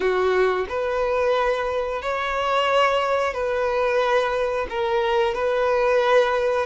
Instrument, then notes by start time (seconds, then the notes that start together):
violin
0.00 F#4
0.68 B4
2.02 C#5
3.33 B4
4.69 A#4
5.34 B4